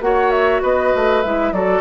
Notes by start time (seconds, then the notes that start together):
0.00 A#3 F#4 C#5 F#5
0.31 E5
0.62 B3 B4 D#5
0.95 A3
1.22 G#3 E4 E5
1.52 F#3 F#4 A4 D5